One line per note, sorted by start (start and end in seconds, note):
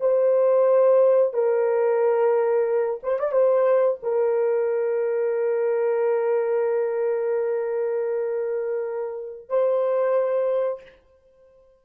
0.00 1.33 C5
1.33 3.00 A#4
3.03 3.19 C5
3.19 3.32 D5
3.32 3.98 C5
4.02 9.49 A#4
9.49 10.82 C5